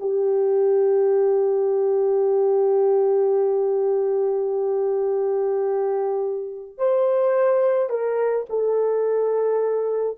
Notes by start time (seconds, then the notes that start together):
0.00 G4
6.78 C5
7.89 A#4
8.50 A4